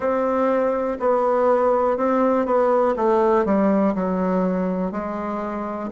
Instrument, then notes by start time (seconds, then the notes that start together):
bassoon
0.00 C4
0.99 B3
1.97 C4
2.45 B3
2.96 A3
3.45 G3
3.94 F#3
4.91 G#3